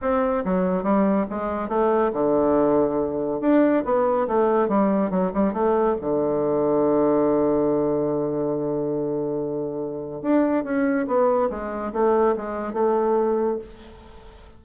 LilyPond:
\new Staff \with { instrumentName = "bassoon" } { \time 4/4 \tempo 4 = 141 c'4 fis4 g4 gis4 | a4 d2. | d'4 b4 a4 g4 | fis8 g8 a4 d2~ |
d1~ | d1 | d'4 cis'4 b4 gis4 | a4 gis4 a2 | }